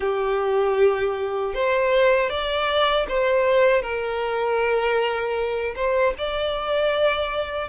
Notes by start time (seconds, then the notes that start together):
0.00 G4
1.54 C5
2.29 D5
3.08 C5
3.81 A#4
5.75 C5
6.17 D5